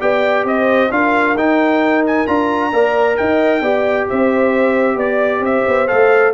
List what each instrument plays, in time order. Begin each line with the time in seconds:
0.00 tuba B3, trombone G4, horn D5, trumpet G5
0.44 tuba C4, horn C5, trumpet D#5
0.91 tuba D4, trombone F4, horn A#4, trumpet F5
1.35 tuba D#4, trombone D#4, trumpet G5
2.07 trumpet G#5
2.27 tuba D4, trombone F4, trumpet A#5
2.72 tuba A#3, trombone A#4, horn D5
3.17 tuba D#4, horn D#5, trumpet G5
3.61 tuba B3, trombone G4, horn D5
4.09 tuba C4, horn C5, trumpet E5
4.96 tuba B3, horn D5, trumpet D5
5.40 tuba C4, horn C5, trumpet E5
5.68 tuba B3
5.88 tuba A3, trombone A4, trumpet F5